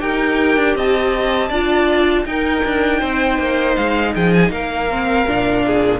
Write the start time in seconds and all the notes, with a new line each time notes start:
0.00 D#4 G4 A#4 G5
0.57 D4
0.76 C4 D#5 A5
1.50 D4 F4 D5
2.26 D#4 A#4 G5
2.65 D4
3.00 C4 C5
3.39 A#3
3.77 G#3 F5
4.15 F3 G#4 G5
4.34 G#5
4.50 A#3 A#4 F5
4.90 C4
5.28 A#2 D4
5.67 G#4